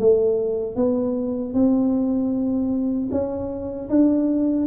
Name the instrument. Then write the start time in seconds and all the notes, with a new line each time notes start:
tuba
0.00 A3
0.76 B3
1.54 C4
3.12 C#4
3.90 D4